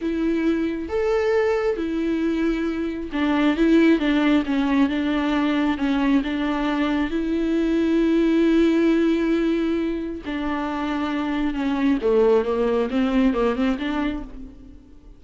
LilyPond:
\new Staff \with { instrumentName = "viola" } { \time 4/4 \tempo 4 = 135 e'2 a'2 | e'2. d'4 | e'4 d'4 cis'4 d'4~ | d'4 cis'4 d'2 |
e'1~ | e'2. d'4~ | d'2 cis'4 a4 | ais4 c'4 ais8 c'8 d'4 | }